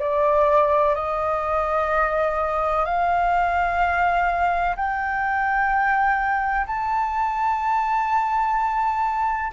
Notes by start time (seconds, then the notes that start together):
0.00 D5
0.95 D#5
2.86 F5
4.76 G5
6.67 A5